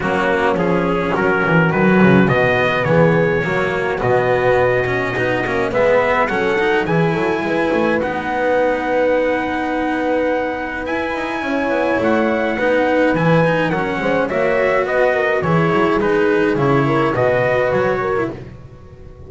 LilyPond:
<<
  \new Staff \with { instrumentName = "trumpet" } { \time 4/4 \tempo 4 = 105 fis'4 gis'4 ais'4 b'4 | dis''4 cis''2 dis''4~ | dis''2 e''4 fis''4 | gis''2 fis''2~ |
fis''2. gis''4~ | gis''4 fis''2 gis''4 | fis''4 e''4 dis''4 cis''4 | b'4 cis''4 dis''4 cis''4 | }
  \new Staff \with { instrumentName = "horn" } { \time 4/4 cis'2 fis'2~ | fis'4 gis'4 fis'2~ | fis'2 b'4 a'4 | gis'8 a'8 b'2.~ |
b'1 | cis''2 b'2 | ais'8 c''8 cis''4 b'8 ais'8 gis'4~ | gis'4. ais'8 b'4. ais'8 | }
  \new Staff \with { instrumentName = "cello" } { \time 4/4 ais4 cis'2 fis4 | b2 ais4 b4~ | b8 cis'8 dis'8 cis'8 b4 cis'8 dis'8 | e'2 dis'2~ |
dis'2. e'4~ | e'2 dis'4 e'8 dis'8 | cis'4 fis'2 e'4 | dis'4 e'4 fis'4.~ fis'16 e'16 | }
  \new Staff \with { instrumentName = "double bass" } { \time 4/4 fis4 f4 fis8 e8 dis8 cis8 | b,4 e4 fis4 b,4~ | b,4 b8 ais8 gis4 fis4 | e8 fis8 gis8 a8 b2~ |
b2. e'8 dis'8 | cis'8 b8 a4 b4 e4 | fis8 gis8 ais4 b4 e8 fis8 | gis4 cis4 b,4 fis4 | }
>>